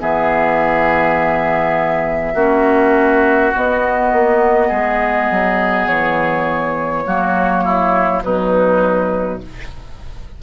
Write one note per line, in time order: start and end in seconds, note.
0.00 2.35 E3
0.00 2.35 B3
0.00 2.34 G#4
0.00 3.54 E5
2.34 3.52 A#3
2.34 3.53 C#4
2.34 4.68 F#4
3.55 7.06 B3
3.55 4.12 B3
3.55 5.87 D#5
4.12 4.71 A#3
4.68 5.30 G#3
4.68 7.03 G#4
5.31 5.88 F#3
5.87 7.06 E3
5.87 8.22 C#5
7.06 8.23 F#3
7.06 8.23 A#3
7.06 7.64 F#4
7.64 8.23 E4
8.23 9.41 B2
8.23 9.42 F#3
8.23 9.42 D#4
8.23 9.41 B4